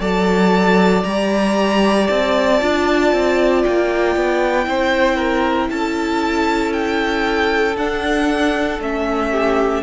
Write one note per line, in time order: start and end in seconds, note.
0.00 1.04 F#3
0.00 1.04 A4
0.00 4.66 D5
0.00 1.04 A5
1.04 2.09 G3
1.04 2.60 G4
1.04 2.08 A#5
2.08 2.62 C4
2.08 3.63 A5
2.60 3.12 D4
2.60 4.64 F4
3.12 3.64 C4
3.64 4.16 A#3
3.64 5.70 G5
4.16 4.67 B3
4.64 5.70 C4
4.64 7.75 E4
4.64 5.17 C5
5.17 5.69 A#4
5.70 7.77 C#4
5.70 9.31 A4
5.70 6.73 A5
6.73 7.77 G5
7.77 8.80 D4
7.77 8.82 D4
7.77 8.80 F#5
8.80 9.83 A3
8.80 9.83 C#4
8.80 9.83 E5
9.31 9.83 G4